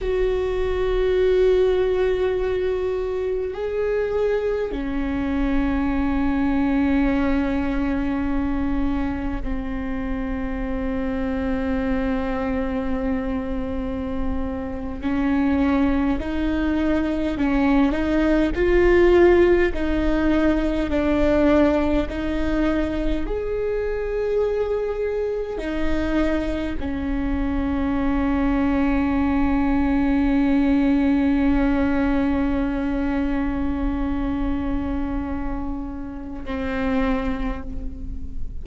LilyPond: \new Staff \with { instrumentName = "viola" } { \time 4/4 \tempo 4 = 51 fis'2. gis'4 | cis'1 | c'1~ | c'8. cis'4 dis'4 cis'8 dis'8 f'16~ |
f'8. dis'4 d'4 dis'4 gis'16~ | gis'4.~ gis'16 dis'4 cis'4~ cis'16~ | cis'1~ | cis'2. c'4 | }